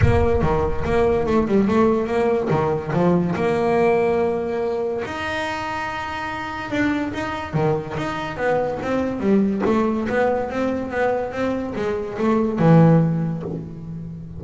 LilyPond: \new Staff \with { instrumentName = "double bass" } { \time 4/4 \tempo 4 = 143 ais4 dis4 ais4 a8 g8 | a4 ais4 dis4 f4 | ais1 | dis'1 |
d'4 dis'4 dis4 dis'4 | b4 c'4 g4 a4 | b4 c'4 b4 c'4 | gis4 a4 e2 | }